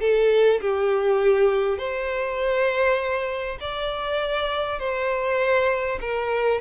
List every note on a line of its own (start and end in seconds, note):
0.00 0.60 A4
0.60 1.78 G4
1.78 3.58 C5
3.60 4.79 D5
4.79 5.99 C5
6.00 6.60 A#4